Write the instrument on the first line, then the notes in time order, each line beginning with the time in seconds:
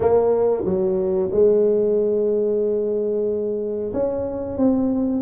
tuba
0.00 A#3
0.64 F#3
1.31 G#3
3.93 C#4
4.57 C4